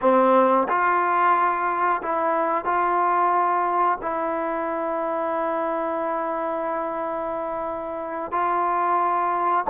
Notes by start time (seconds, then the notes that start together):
0.01 C4
0.68 F4
2.02 E4
2.65 F4
4.01 E4
8.31 F4